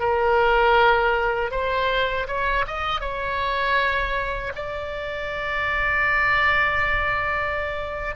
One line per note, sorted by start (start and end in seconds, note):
0.00 1.51 A#4
1.51 2.27 C5
2.28 2.65 C#5
2.67 3.01 D#5
3.01 4.53 C#5
4.55 8.15 D5